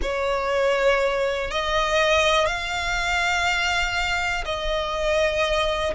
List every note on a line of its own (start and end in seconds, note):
0.02 1.50 C#5
1.50 2.46 D#5
2.46 4.44 F5
4.45 5.93 D#5